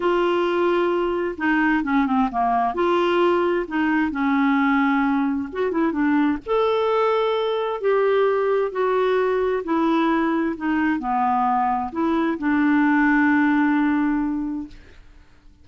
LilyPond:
\new Staff \with { instrumentName = "clarinet" } { \time 4/4 \tempo 4 = 131 f'2. dis'4 | cis'8 c'8 ais4 f'2 | dis'4 cis'2. | fis'8 e'8 d'4 a'2~ |
a'4 g'2 fis'4~ | fis'4 e'2 dis'4 | b2 e'4 d'4~ | d'1 | }